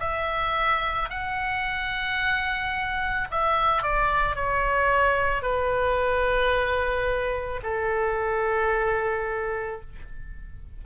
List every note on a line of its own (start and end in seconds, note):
0.00 1.09 E5
1.10 3.28 F#5
3.31 3.82 E5
3.82 4.35 D5
4.35 5.42 C#5
5.42 7.61 B4
7.63 9.81 A4